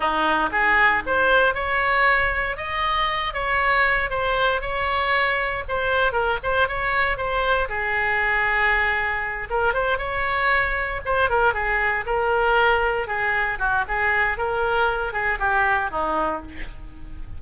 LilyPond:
\new Staff \with { instrumentName = "oboe" } { \time 4/4 \tempo 4 = 117 dis'4 gis'4 c''4 cis''4~ | cis''4 dis''4. cis''4. | c''4 cis''2 c''4 | ais'8 c''8 cis''4 c''4 gis'4~ |
gis'2~ gis'8 ais'8 c''8 cis''8~ | cis''4. c''8 ais'8 gis'4 ais'8~ | ais'4. gis'4 fis'8 gis'4 | ais'4. gis'8 g'4 dis'4 | }